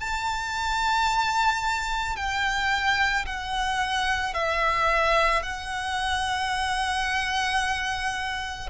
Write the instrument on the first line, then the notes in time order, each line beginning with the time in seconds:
violin
0.00 A5
2.16 G5
3.26 F#5
4.34 E5
5.42 F#5